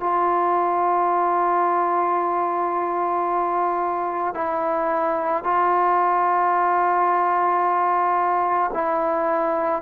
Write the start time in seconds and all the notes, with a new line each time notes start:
0.00 F4
4.34 E4
5.43 F4
8.74 E4